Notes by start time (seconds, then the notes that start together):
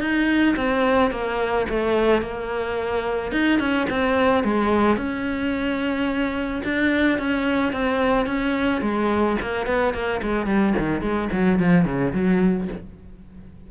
0.00 D#4
0.56 C4
1.11 A#3
1.69 A3
2.22 A#3
3.32 D#4
3.60 C#4
3.90 C4
4.44 G#3
4.97 C#4
6.64 D4
7.18 C#4
7.73 C4
8.26 C#4
8.81 G#3
9.41 A#3
9.66 B3
9.94 A#3
10.22 G#3
10.46 G3
10.78 D#3
11.01 G#3
11.32 F#3
11.59 F3
11.85 C#3
12.13 F#3